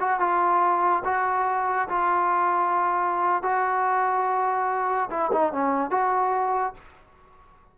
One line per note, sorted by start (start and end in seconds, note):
0.00 0.20 F#4
0.20 1.03 F4
1.05 1.88 F#4
1.89 3.43 F4
3.43 5.10 F#4
5.10 5.31 E4
5.32 5.53 D#4
5.53 5.91 C#4
5.91 6.74 F#4